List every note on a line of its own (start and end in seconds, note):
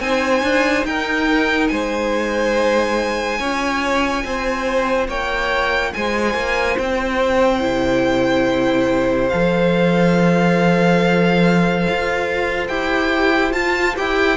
0.00 0.42 C4
0.00 3.38 D#4
0.00 0.87 C5
0.00 0.85 G#5
0.42 0.84 D4
0.85 1.69 D#4
0.85 1.71 A#4
0.85 1.68 G5
1.68 3.39 G#3
1.68 3.39 C5
1.68 5.06 G#5
3.38 4.24 C#4
3.38 7.61 F4
3.38 4.23 C#5
4.24 5.08 C4
4.24 5.07 C5
5.07 5.92 A#3
5.07 5.92 C#5
5.07 5.93 G5
5.93 6.34 G#3
5.93 14.37 C5
5.93 6.78 G#5
6.34 6.76 A#3
6.78 7.63 C4
6.78 9.29 G5
7.61 9.32 C3
7.61 9.30 E4
9.29 11.87 F3
9.29 12.70 A4
9.29 12.67 F5
11.89 12.69 F4
12.68 13.53 E4
12.68 13.52 G4
12.68 13.52 G5
13.52 13.94 F4
13.52 13.96 F4
13.52 13.95 A5
13.95 14.37 E4
13.95 14.37 G4
13.95 14.37 G5